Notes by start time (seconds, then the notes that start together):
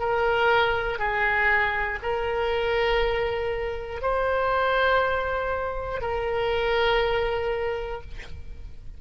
0.00 A#4
1.00 G#4
2.03 A#4
4.02 C5
6.01 A#4